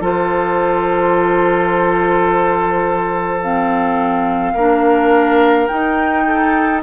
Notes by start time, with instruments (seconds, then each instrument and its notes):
0.00 bassoon F3, clarinet F4, oboe A4, flute C5
3.41 clarinet C4, flute F5
4.54 bassoon A#3, clarinet D4, oboe A#4
5.67 clarinet D#4, bassoon D#4, flute G5
6.26 oboe A4